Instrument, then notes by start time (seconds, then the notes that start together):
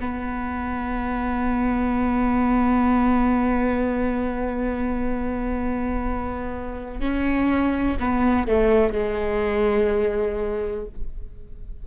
viola
0.00 B3
7.00 C#4
7.99 B3
8.47 A3
8.92 G#3